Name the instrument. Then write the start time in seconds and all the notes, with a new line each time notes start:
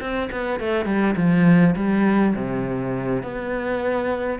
cello
0.00 C4
0.31 B3
0.60 A3
0.86 G3
1.16 F3
1.76 G3
2.35 C3
3.23 B3